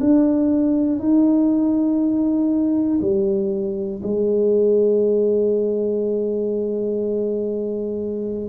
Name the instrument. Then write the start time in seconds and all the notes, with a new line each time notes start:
tuba
0.00 D4
0.99 D#4
3.01 G3
4.03 G#3